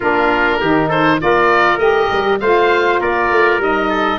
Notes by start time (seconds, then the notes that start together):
0.00 A#3 D4 F4 A#4
0.60 D#3 D#4 G4
0.88 A4 C5
1.19 A#3 F4 A#4 D5
1.77 A3 G4 D#5
2.11 G3
2.40 A3 F4 C5 F5
3.00 A#3 A#4 D5
3.30 A3
3.58 G3 D#4 D#5
3.89 A4